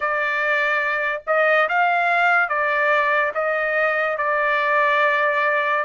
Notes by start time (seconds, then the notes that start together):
0.00 D5
1.27 D#5
1.69 F5
2.48 D5
3.34 D#5
4.17 D5